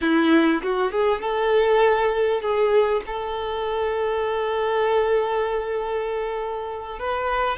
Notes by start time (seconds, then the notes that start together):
0.01 E4
0.62 F#4
0.91 G#4
1.21 A4
2.41 G#4
3.06 A4
6.99 B4